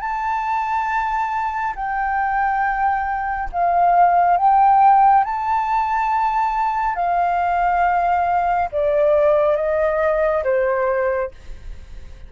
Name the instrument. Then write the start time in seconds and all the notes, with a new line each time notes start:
flute
0.00 A5
1.75 G5
3.52 F5
4.37 G5
5.24 A5
6.95 F5
8.72 D5
9.56 D#5
10.44 C5